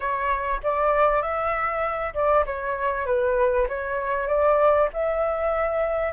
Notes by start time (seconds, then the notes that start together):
0.00 C#5
0.63 D5
1.22 E5
2.14 D5
2.46 C#5
3.06 B4
3.68 C#5
4.27 D5
4.93 E5